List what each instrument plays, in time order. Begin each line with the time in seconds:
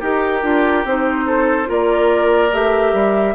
0.00 bassoon D#4, oboe G4, clarinet G4, flute A#4
0.43 bassoon D4, clarinet F4
0.85 bassoon C4, clarinet D#4, flute C5
1.27 oboe A4
1.66 bassoon A#3, clarinet F4, oboe A#4, flute D5
2.52 bassoon A3, clarinet G4, flute E5
2.93 bassoon G3